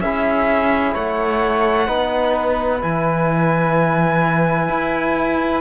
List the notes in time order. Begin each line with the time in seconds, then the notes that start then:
0.00 C#4 E4 G#4 E5
0.94 A3 C#5 F#5
1.86 B3 D#4 B4
2.80 E3 E4 G#5
4.68 E4